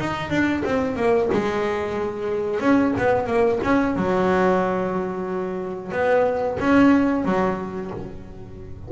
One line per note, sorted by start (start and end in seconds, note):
0.00 0.30 D#4
0.30 0.63 D4
0.65 0.96 C4
0.96 1.29 A#3
1.33 2.60 G#3
2.60 2.93 C#4
2.98 3.27 B3
3.27 3.60 A#3
3.64 3.97 C#4
3.97 5.92 F#3
5.92 6.58 B3
6.60 7.25 C#4
7.25 7.91 F#3